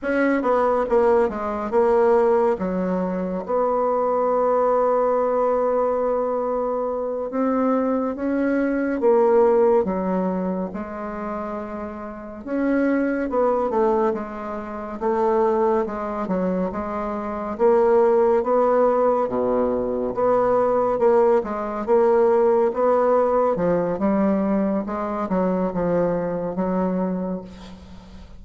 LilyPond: \new Staff \with { instrumentName = "bassoon" } { \time 4/4 \tempo 4 = 70 cis'8 b8 ais8 gis8 ais4 fis4 | b1~ | b8 c'4 cis'4 ais4 fis8~ | fis8 gis2 cis'4 b8 |
a8 gis4 a4 gis8 fis8 gis8~ | gis8 ais4 b4 b,4 b8~ | b8 ais8 gis8 ais4 b4 f8 | g4 gis8 fis8 f4 fis4 | }